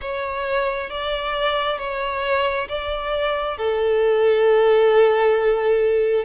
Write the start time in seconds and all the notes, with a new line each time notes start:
0.01 C#5
0.90 D5
1.78 C#5
2.68 D5
3.57 A4